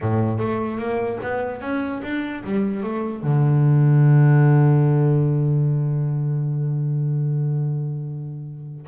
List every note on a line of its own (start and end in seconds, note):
0.01 0.39 A2
0.39 0.78 A3
0.78 1.18 A#3
1.22 1.61 B3
1.61 2.01 C#4
2.03 2.43 D4
2.44 2.83 G3
2.83 3.22 A3
3.22 8.86 D3